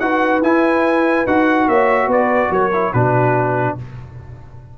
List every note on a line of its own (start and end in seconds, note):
0.00 0.42 D#4
0.00 0.44 F#4
0.00 1.69 B4
0.00 0.42 F#5
0.42 1.26 E4
0.42 1.28 E4
0.42 1.27 G#5
1.27 1.68 D#4
1.27 2.73 F#4
1.27 1.69 F#5
1.68 2.08 A#3
1.68 2.09 C#5
1.68 2.11 E5
2.08 2.50 B3
2.08 2.51 B4
2.08 2.53 D5
2.51 2.93 F#3
2.51 2.93 A#4
2.51 2.94 C#5
2.73 2.94 E4
2.93 3.78 B2
2.93 3.79 D4
2.93 3.77 F#4
2.93 3.78 B4